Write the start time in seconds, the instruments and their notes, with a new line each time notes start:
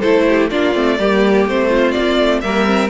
0.00 cello A3, viola E4, violin A4 C5
0.29 violin G4
0.50 cello A#3, viola D4, violin F4 D5
0.73 cello A3, viola C4
0.99 cello G3, viola A#3, violin G4
1.46 cello A3, viola C4, violin C5
1.69 violin F4
1.91 cello A#3, violin D5
2.19 cello A3
2.41 cello G3, viola A#3, violin A#4 E5
2.66 viola C4